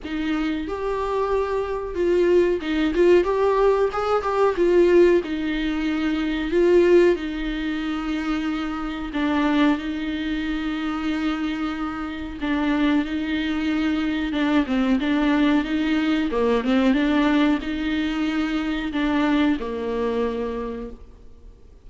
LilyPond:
\new Staff \with { instrumentName = "viola" } { \time 4/4 \tempo 4 = 92 dis'4 g'2 f'4 | dis'8 f'8 g'4 gis'8 g'8 f'4 | dis'2 f'4 dis'4~ | dis'2 d'4 dis'4~ |
dis'2. d'4 | dis'2 d'8 c'8 d'4 | dis'4 ais8 c'8 d'4 dis'4~ | dis'4 d'4 ais2 | }